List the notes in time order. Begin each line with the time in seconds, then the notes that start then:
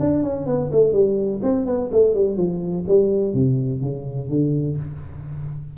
0.00 D4
0.23 C#4
0.47 B3
0.72 A3
0.93 G3
1.43 C4
1.66 B3
1.92 A3
2.14 G3
2.37 F3
2.88 G3
3.34 C3
3.81 C#3
4.29 D3